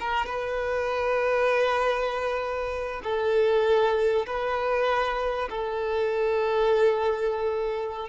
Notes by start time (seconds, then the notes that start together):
0.00 A#4
0.26 B4
3.03 A4
4.26 B4
5.50 A4